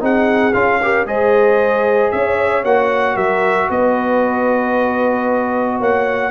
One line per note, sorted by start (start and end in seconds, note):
0.00 0.54 C4
0.00 0.53 D#4
0.00 0.81 G#4
0.00 0.53 F#5
0.53 1.06 C#4
0.53 0.81 F4
0.53 1.06 F5
0.82 1.07 G4
0.82 1.07 A#4
1.06 2.11 G#3
1.06 2.65 G#4
1.06 2.13 C5
1.06 2.11 D#5
2.11 2.64 C#4
2.11 3.15 C#5
2.11 2.64 E5
2.64 3.16 A#3
2.64 6.31 F#4
2.64 3.17 F#5
3.15 3.69 F#3
3.15 3.68 A#4
3.15 3.69 E5
3.70 5.80 B3
3.70 5.78 B4
3.70 5.81 D#5
5.78 6.31 A#3
5.78 6.31 C#5
5.78 6.31 F#5